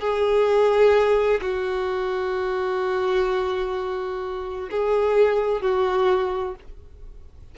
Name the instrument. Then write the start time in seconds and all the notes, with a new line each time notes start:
violin
0.00 G#4
1.42 F#4
4.70 G#4
5.62 F#4